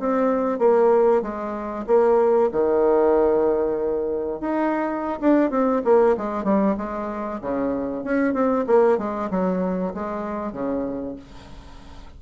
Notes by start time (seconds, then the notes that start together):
0.00 C4
0.59 A#3
1.22 G#3
1.87 A#3
2.52 D#3
4.41 D#4
5.20 D4
5.51 C4
5.84 A#3
6.17 G#3
6.44 G3
6.78 G#3
7.41 C#3
8.04 C#4
8.34 C4
8.67 A#3
8.98 G#3
9.31 F#3
9.94 G#3
10.53 C#3